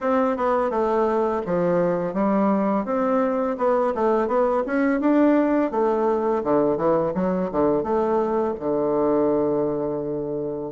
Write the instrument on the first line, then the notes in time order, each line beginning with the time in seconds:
bassoon
0.01 C4
0.36 B3
0.70 A3
1.46 F3
2.13 G3
2.85 C4
3.57 B3
3.94 A3
4.27 B3
4.66 C#4
5.00 D4
5.71 A3
6.43 D3
6.77 E3
7.14 F#3
7.51 D3
7.83 A3
8.59 D3